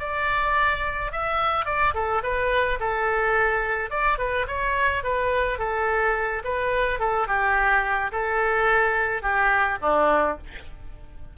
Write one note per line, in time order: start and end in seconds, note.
0.00 1.12 D5
1.12 1.66 E5
1.66 1.94 D5
1.95 2.23 A4
2.23 2.79 B4
2.80 3.90 A4
3.90 4.18 D5
4.18 4.46 B4
4.48 5.04 C#5
5.04 5.59 B4
5.59 6.43 A4
6.45 7.00 B4
7.00 7.28 A4
7.28 8.12 G4
8.12 9.22 A4
9.22 9.79 G4
9.82 10.38 D4